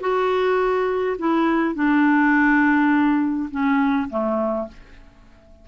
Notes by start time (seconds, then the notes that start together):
0.00 F#4
1.18 E4
1.74 D4
3.51 C#4
4.10 A3